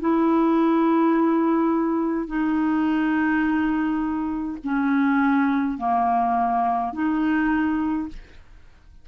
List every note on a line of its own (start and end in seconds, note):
0.00 2.27 E4
2.27 4.58 D#4
4.64 5.77 C#4
5.77 6.93 A#3
6.93 8.08 D#4